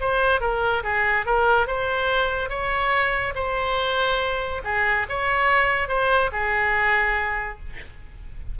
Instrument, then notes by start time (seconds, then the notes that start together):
oboe
0.00 C5
0.40 A#4
0.83 G#4
1.26 A#4
1.67 C5
2.49 C#5
3.35 C5
4.64 G#4
5.09 C#5
5.88 C5
6.32 G#4